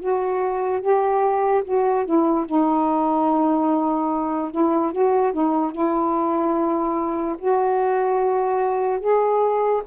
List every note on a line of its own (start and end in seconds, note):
0.00 0.81 F#4
0.81 1.63 G4
1.64 2.05 F#4
2.05 2.46 E4
2.46 4.51 D#4
4.51 4.92 E4
4.92 5.33 F#4
5.33 5.72 D#4
5.72 7.36 E4
7.39 9.00 F#4
9.00 9.82 G#4